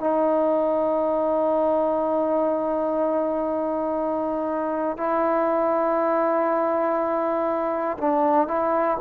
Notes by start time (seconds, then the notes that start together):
0.00 D#4
4.97 E4
7.98 D4
8.47 E4